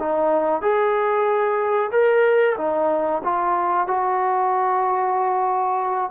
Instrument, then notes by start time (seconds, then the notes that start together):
trombone
0.00 D#4
0.62 G#4
1.92 A#4
2.58 D#4
3.24 F4
3.87 F#4